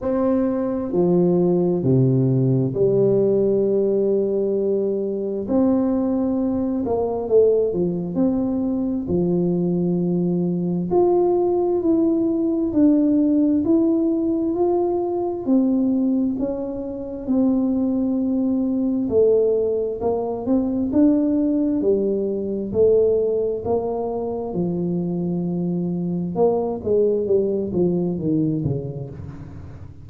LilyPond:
\new Staff \with { instrumentName = "tuba" } { \time 4/4 \tempo 4 = 66 c'4 f4 c4 g4~ | g2 c'4. ais8 | a8 f8 c'4 f2 | f'4 e'4 d'4 e'4 |
f'4 c'4 cis'4 c'4~ | c'4 a4 ais8 c'8 d'4 | g4 a4 ais4 f4~ | f4 ais8 gis8 g8 f8 dis8 cis8 | }